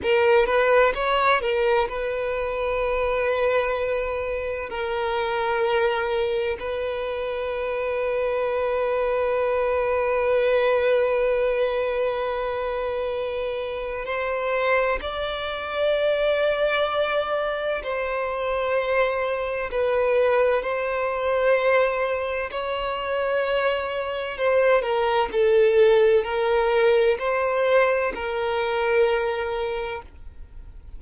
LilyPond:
\new Staff \with { instrumentName = "violin" } { \time 4/4 \tempo 4 = 64 ais'8 b'8 cis''8 ais'8 b'2~ | b'4 ais'2 b'4~ | b'1~ | b'2. c''4 |
d''2. c''4~ | c''4 b'4 c''2 | cis''2 c''8 ais'8 a'4 | ais'4 c''4 ais'2 | }